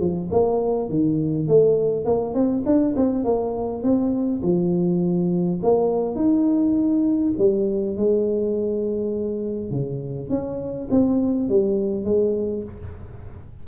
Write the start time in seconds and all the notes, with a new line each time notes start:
0.00 F3
0.32 A#3
0.90 D#3
1.48 A3
2.05 A#3
2.34 C4
2.66 D4
2.97 C4
3.25 A#3
3.83 C4
4.43 F3
5.63 A#3
6.16 D#4
7.38 G3
7.97 G#3
9.71 C#3
10.30 C#4
10.91 C4
11.49 G3
12.05 G#3